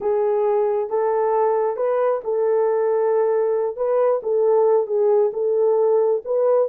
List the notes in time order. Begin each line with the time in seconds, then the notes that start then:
0.00 G#4
0.89 A4
1.76 B4
2.24 A4
3.76 B4
4.22 A4
4.86 G#4
5.33 A4
6.24 B4